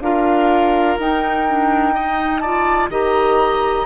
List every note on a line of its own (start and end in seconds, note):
0.00 0.97 D4
0.00 1.00 F4
0.00 1.94 A#4
0.00 0.98 F5
0.99 2.89 D#4
0.99 1.48 D#4
0.99 2.39 G5
1.48 1.93 D4
1.93 2.42 D#4
1.93 2.41 D#5
2.39 2.91 F4
2.39 2.90 D5
2.39 2.87 A5
2.89 3.85 D#3
2.89 3.85 G4
2.89 3.85 D#5
2.89 3.85 A#5